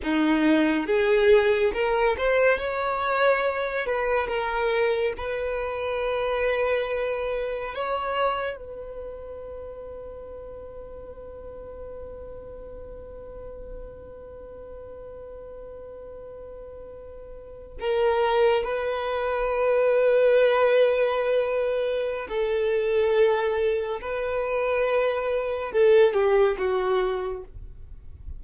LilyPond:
\new Staff \with { instrumentName = "violin" } { \time 4/4 \tempo 4 = 70 dis'4 gis'4 ais'8 c''8 cis''4~ | cis''8 b'8 ais'4 b'2~ | b'4 cis''4 b'2~ | b'1~ |
b'1~ | b'8. ais'4 b'2~ b'16~ | b'2 a'2 | b'2 a'8 g'8 fis'4 | }